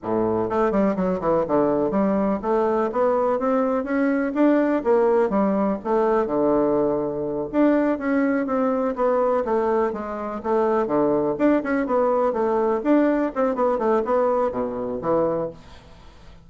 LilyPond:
\new Staff \with { instrumentName = "bassoon" } { \time 4/4 \tempo 4 = 124 a,4 a8 g8 fis8 e8 d4 | g4 a4 b4 c'4 | cis'4 d'4 ais4 g4 | a4 d2~ d8 d'8~ |
d'8 cis'4 c'4 b4 a8~ | a8 gis4 a4 d4 d'8 | cis'8 b4 a4 d'4 c'8 | b8 a8 b4 b,4 e4 | }